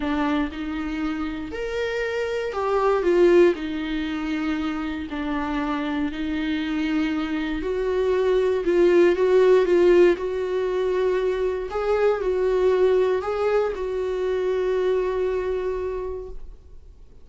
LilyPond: \new Staff \with { instrumentName = "viola" } { \time 4/4 \tempo 4 = 118 d'4 dis'2 ais'4~ | ais'4 g'4 f'4 dis'4~ | dis'2 d'2 | dis'2. fis'4~ |
fis'4 f'4 fis'4 f'4 | fis'2. gis'4 | fis'2 gis'4 fis'4~ | fis'1 | }